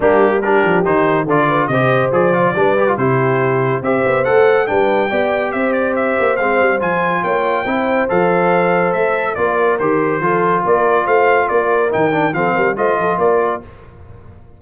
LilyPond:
<<
  \new Staff \with { instrumentName = "trumpet" } { \time 4/4 \tempo 4 = 141 g'4 ais'4 c''4 d''4 | dis''4 d''2 c''4~ | c''4 e''4 fis''4 g''4~ | g''4 e''8 d''8 e''4 f''4 |
gis''4 g''2 f''4~ | f''4 e''4 d''4 c''4~ | c''4 d''4 f''4 d''4 | g''4 f''4 dis''4 d''4 | }
  \new Staff \with { instrumentName = "horn" } { \time 4/4 d'4 g'2 a'8 b'8 | c''2 b'4 g'4~ | g'4 c''2 b'4 | d''4 c''2.~ |
c''4 cis''4 c''2~ | c''2 ais'2 | a'4 ais'4 c''4 ais'4~ | ais'4 a'8 ais'8 c''8 a'8 ais'4 | }
  \new Staff \with { instrumentName = "trombone" } { \time 4/4 ais4 d'4 dis'4 f'4 | g'4 gis'8 f'8 d'8 g'16 f'16 e'4~ | e'4 g'4 a'4 d'4 | g'2. c'4 |
f'2 e'4 a'4~ | a'2 f'4 g'4 | f'1 | dis'8 d'8 c'4 f'2 | }
  \new Staff \with { instrumentName = "tuba" } { \time 4/4 g4. f8 dis4 d4 | c4 f4 g4 c4~ | c4 c'8 b8 a4 g4 | b4 c'4. ais8 gis8 g8 |
f4 ais4 c'4 f4~ | f4 a4 ais4 dis4 | f4 ais4 a4 ais4 | dis4 f8 g8 a8 f8 ais4 | }
>>